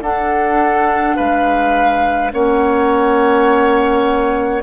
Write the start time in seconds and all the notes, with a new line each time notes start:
0.00 D4 A4 F#5
1.16 G#3 B4 F5
2.32 A#3 C#4 C#5 F#5